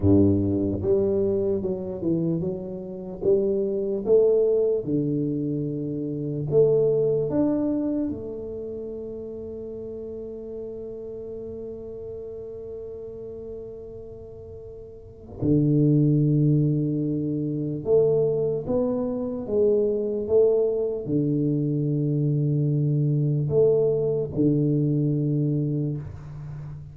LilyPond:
\new Staff \with { instrumentName = "tuba" } { \time 4/4 \tempo 4 = 74 g,4 g4 fis8 e8 fis4 | g4 a4 d2 | a4 d'4 a2~ | a1~ |
a2. d4~ | d2 a4 b4 | gis4 a4 d2~ | d4 a4 d2 | }